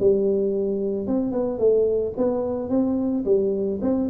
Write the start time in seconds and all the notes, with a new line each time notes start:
0.00 G3
1.07 C4
1.32 B3
1.59 A3
2.17 B3
2.70 C4
3.25 G3
3.82 C4